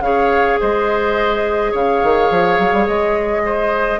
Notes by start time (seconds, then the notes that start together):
0.00 C#3 G#4 C#5 F5
0.60 G#3 C5 D#5
1.72 C#3 C#5 F5
2.04 D#3
2.31 F3
2.59 F#3
2.73 G3
2.87 G#3 D#5
3.45 C5